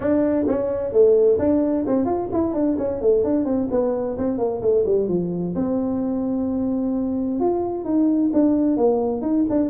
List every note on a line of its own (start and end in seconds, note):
0.00 0.46 D4
0.47 0.92 C#4
0.92 1.38 A3
1.38 1.85 D4
1.87 2.05 C4
2.05 2.28 F4
2.32 2.53 E4
2.53 2.77 D4
2.78 3.01 C#4
3.01 3.24 A3
3.24 3.44 D4
3.44 3.68 C4
3.70 4.17 B3
4.17 4.38 C4
4.38 4.61 A#3
4.61 4.84 A3
4.85 5.08 G3
5.08 5.54 F3
5.55 7.40 C4
7.40 7.84 F4
7.84 8.30 D#4
8.33 8.76 D4
8.76 9.21 A#3
9.21 9.44 D#4
9.49 9.69 D4